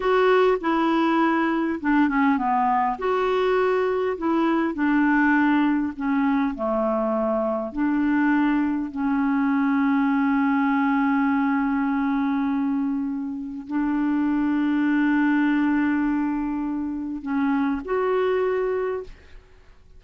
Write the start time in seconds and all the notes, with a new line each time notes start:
0.00 F#4
0.60 E4
1.80 D4
2.08 C#4
2.37 B3
2.98 F#4
4.17 E4
4.74 D4
5.96 C#4
6.54 A3
7.72 D4
8.91 C#4
13.67 D4
17.21 C#4
17.85 F#4